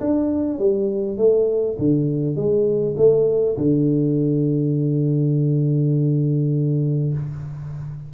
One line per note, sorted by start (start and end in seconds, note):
0.00 0.58 D4
0.58 1.17 G3
1.17 1.77 A3
1.78 2.35 D3
2.35 2.95 G#3
2.97 3.56 A3
3.57 7.13 D3